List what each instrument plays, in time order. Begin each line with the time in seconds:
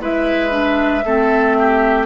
0.00 bassoon G#3, clarinet E4, oboe B4, flute E5
0.50 clarinet D4
1.04 bassoon A3, clarinet C4, oboe A4
1.59 oboe G4